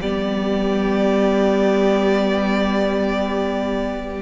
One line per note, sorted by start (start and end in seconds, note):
0.00 4.21 G3
0.00 4.21 B3
0.00 4.21 G4
0.00 4.21 D5